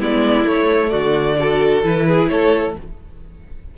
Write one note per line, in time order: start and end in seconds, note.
0.00 0.46 G#3
0.00 0.45 B3
0.00 0.91 E4
0.00 0.48 D5
0.45 1.36 A3
0.45 0.93 A3
0.45 0.90 C#5
0.90 1.83 D3
0.90 1.37 F#4
0.90 1.81 D5
1.39 1.84 F#4
1.39 2.08 A4
1.83 2.29 E3
1.83 2.75 E4
1.83 2.29 B4
2.08 2.31 G#4
2.29 2.76 A3
2.29 2.78 A4
2.29 2.75 C#5